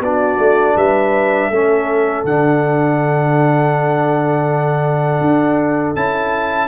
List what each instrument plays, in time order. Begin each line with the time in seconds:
0.00 tuba B3, trombone D4, horn F#4, trumpet D5
0.38 tuba A3
0.75 tuba G3, horn B4, trumpet E5
1.50 tuba A3, trombone C#4, horn A4
2.25 tuba D3, trombone D4, trumpet F#5
5.21 tuba D4
5.95 tuba C#4, trombone E4, trumpet A5